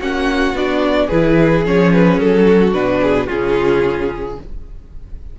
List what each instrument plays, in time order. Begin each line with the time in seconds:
0.00 cello A#3, viola C#4, violin F#4 F#5
0.54 cello B3, viola D4, violin D5
1.07 cello E3, viola E4, violin G#4 B4
1.65 cello F3, viola C#4, violin C#5
1.93 violin B4
2.19 cello F#3, violin A4
2.46 violin F#4
2.73 cello B2, viola D4, violin B4
3.02 violin G#4
3.27 cello C#3, viola C#4, violin F4 G#4